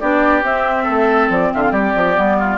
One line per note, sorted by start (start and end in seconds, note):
0.00 0.43 B3
0.00 0.42 D4
0.00 0.84 G4
0.00 0.43 D5
0.42 2.15 C4
0.42 0.86 C4
0.42 1.31 E5
0.84 1.30 A3
0.84 1.48 A4
1.30 1.51 F3
1.30 1.53 D5
1.53 1.71 D3
1.53 1.72 F4
1.53 1.62 E5
1.62 1.72 F5
1.71 1.93 G3
1.71 2.37 G4
1.71 2.58 D5
1.96 2.17 F3
2.15 2.58 G3
2.15 2.58 B3
2.39 2.58 F4